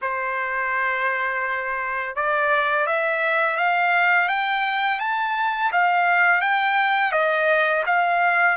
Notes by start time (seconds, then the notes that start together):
0.01 C5
2.15 D5
2.86 E5
3.56 F5
4.28 G5
4.99 A5
5.72 F5
6.41 G5
7.12 D#5
7.86 F5